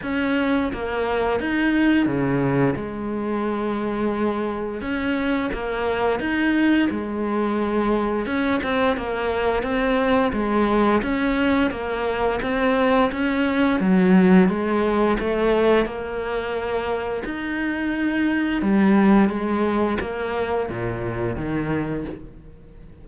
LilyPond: \new Staff \with { instrumentName = "cello" } { \time 4/4 \tempo 4 = 87 cis'4 ais4 dis'4 cis4 | gis2. cis'4 | ais4 dis'4 gis2 | cis'8 c'8 ais4 c'4 gis4 |
cis'4 ais4 c'4 cis'4 | fis4 gis4 a4 ais4~ | ais4 dis'2 g4 | gis4 ais4 ais,4 dis4 | }